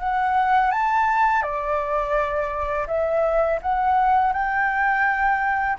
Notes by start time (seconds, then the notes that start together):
0.00 F#5
0.72 A5
1.43 D5
2.88 E5
3.62 F#5
4.33 G5